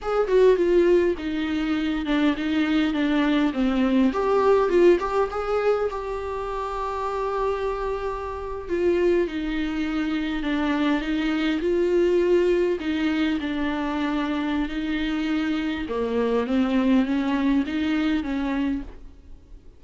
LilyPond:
\new Staff \with { instrumentName = "viola" } { \time 4/4 \tempo 4 = 102 gis'8 fis'8 f'4 dis'4. d'8 | dis'4 d'4 c'4 g'4 | f'8 g'8 gis'4 g'2~ | g'2~ g'8. f'4 dis'16~ |
dis'4.~ dis'16 d'4 dis'4 f'16~ | f'4.~ f'16 dis'4 d'4~ d'16~ | d'4 dis'2 ais4 | c'4 cis'4 dis'4 cis'4 | }